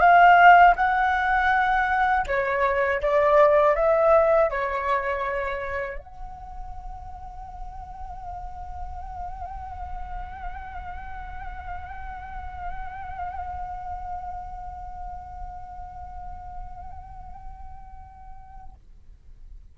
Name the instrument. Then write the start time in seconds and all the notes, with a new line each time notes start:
flute
0.00 F5
0.76 F#5
2.27 C#5
3.02 D5
3.76 E5
4.50 C#5
5.99 F#5